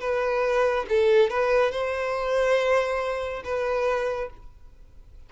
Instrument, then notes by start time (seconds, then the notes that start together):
violin
0.00 B4
0.89 A4
1.30 B4
1.71 C5
3.44 B4